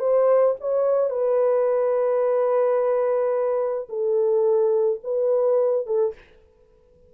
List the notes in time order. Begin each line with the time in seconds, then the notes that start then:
0.00 C5
0.61 C#5
1.10 B4
3.89 A4
5.04 B4
5.87 A4